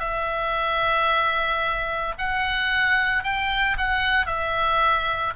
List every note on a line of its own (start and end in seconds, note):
0.00 2.14 E5
2.18 3.23 F#5
3.23 3.77 G5
3.77 4.27 F#5
4.27 5.34 E5